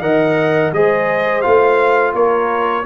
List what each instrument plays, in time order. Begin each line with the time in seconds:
0.00 tuba D#3, trombone A#4, horn D#5, trumpet F#5
0.72 tuba G#3, trombone G#4, horn C5, trumpet D#5
1.41 tuba A3, trombone F4, trumpet F5
2.14 tuba A#3, horn A#4, trumpet C#5